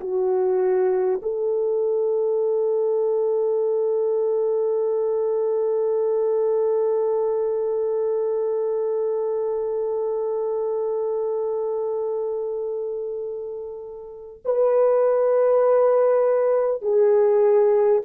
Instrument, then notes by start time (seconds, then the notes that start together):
horn
0.00 F#4
1.22 A4
14.44 B4
16.81 G#4